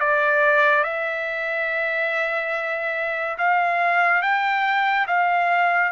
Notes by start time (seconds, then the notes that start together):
0.00 D5
0.84 E5
3.38 F5
4.22 G5
5.07 F5